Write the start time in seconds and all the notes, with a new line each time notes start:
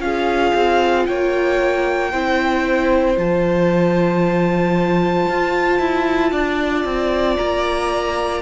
0.00 C#4 F4 G#4 F5
0.55 C4
1.07 A#3 C#5 G5
2.12 C4 E4 C5
3.18 F3 F4 A5
5.29 F4
5.80 E4
6.32 D4 D5
6.85 C4
7.37 A#3 A#5